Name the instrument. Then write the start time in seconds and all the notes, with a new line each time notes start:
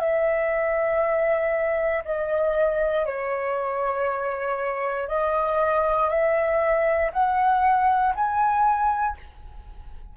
flute
0.00 E5
2.05 D#5
3.06 C#5
5.08 D#5
6.10 E5
7.13 F#5
8.15 G#5